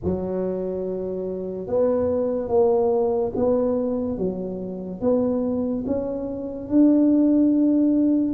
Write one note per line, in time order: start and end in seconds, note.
0.03 1.67 F#3
1.67 2.48 B3
2.48 3.31 A#3
3.35 4.17 B3
4.17 5.00 F#3
5.00 5.84 B3
5.86 6.68 C#4
6.68 8.33 D4